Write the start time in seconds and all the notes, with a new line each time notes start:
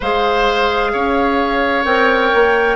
0.00 G#3 G#4 C5 F5
0.92 C#4 C#5
1.84 C4 A#4 G5
2.33 A#3